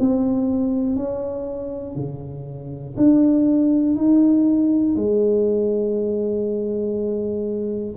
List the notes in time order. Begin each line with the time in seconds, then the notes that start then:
0.00 C4
0.96 C#4
1.96 C#3
2.97 D4
3.96 D#4
4.96 G#3